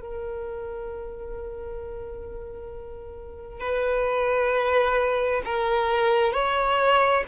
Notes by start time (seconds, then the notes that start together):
0.00 A#4
3.60 B4
5.45 A#4
6.33 C#5